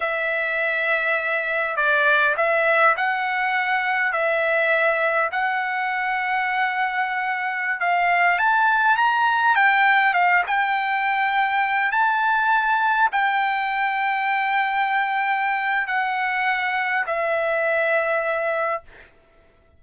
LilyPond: \new Staff \with { instrumentName = "trumpet" } { \time 4/4 \tempo 4 = 102 e''2. d''4 | e''4 fis''2 e''4~ | e''4 fis''2.~ | fis''4~ fis''16 f''4 a''4 ais''8.~ |
ais''16 g''4 f''8 g''2~ g''16~ | g''16 a''2 g''4.~ g''16~ | g''2. fis''4~ | fis''4 e''2. | }